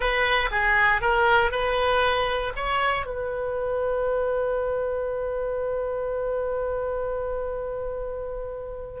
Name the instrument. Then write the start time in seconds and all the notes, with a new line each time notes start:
oboe
0.00 B4
0.51 G#4
1.01 A#4
1.51 B4
2.55 C#5
3.05 B4